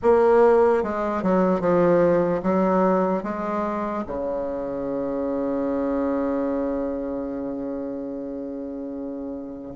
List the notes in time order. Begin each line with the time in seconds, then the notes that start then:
0.02 A#3
0.83 G#3
1.22 F#3
1.60 F3
2.43 F#3
3.23 G#3
4.07 C#3